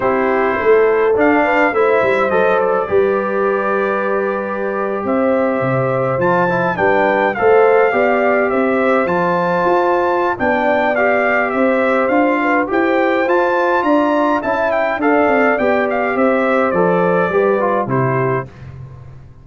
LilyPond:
<<
  \new Staff \with { instrumentName = "trumpet" } { \time 4/4 \tempo 4 = 104 c''2 f''4 e''4 | dis''8 d''2.~ d''8~ | d''8. e''2 a''4 g''16~ | g''8. f''2 e''4 a''16~ |
a''2 g''4 f''4 | e''4 f''4 g''4 a''4 | ais''4 a''8 g''8 f''4 g''8 f''8 | e''4 d''2 c''4 | }
  \new Staff \with { instrumentName = "horn" } { \time 4/4 g'4 a'4. b'8 c''4~ | c''4 b'2.~ | b'8. c''2. b'16~ | b'8. c''4 d''4 c''4~ c''16~ |
c''2 d''2 | c''4. b'8 c''2 | d''4 e''4 d''2 | c''2 b'4 g'4 | }
  \new Staff \with { instrumentName = "trombone" } { \time 4/4 e'2 d'4 e'4 | a'4 g'2.~ | g'2~ g'8. f'8 e'8 d'16~ | d'8. a'4 g'2 f'16~ |
f'2 d'4 g'4~ | g'4 f'4 g'4 f'4~ | f'4 e'4 a'4 g'4~ | g'4 a'4 g'8 f'8 e'4 | }
  \new Staff \with { instrumentName = "tuba" } { \time 4/4 c'4 a4 d'4 a8 g8 | fis4 g2.~ | g8. c'4 c4 f4 g16~ | g8. a4 b4 c'4 f16~ |
f8. f'4~ f'16 b2 | c'4 d'4 e'4 f'4 | d'4 cis'4 d'8 c'8 b4 | c'4 f4 g4 c4 | }
>>